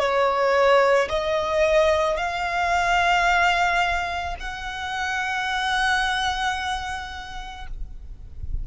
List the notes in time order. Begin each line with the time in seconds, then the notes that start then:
0.00 C#5
1.09 D#5
2.17 F5
4.40 F#5